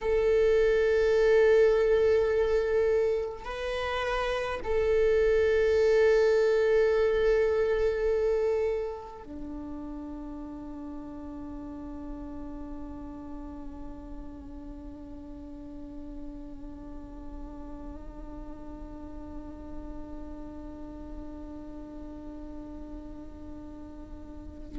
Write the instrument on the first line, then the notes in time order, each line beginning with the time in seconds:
viola
0.01 A4
3.45 B4
4.64 A4
9.23 D4